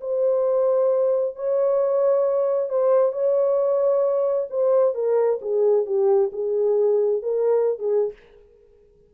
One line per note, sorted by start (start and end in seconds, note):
0.00 1.35 C5
1.35 2.69 C#5
2.69 3.12 C5
3.12 4.48 C#5
4.50 4.94 C5
4.94 5.39 A#4
5.42 5.86 G#4
5.86 6.31 G4
6.32 7.22 G#4
7.22 7.78 A#4
7.79 8.13 G#4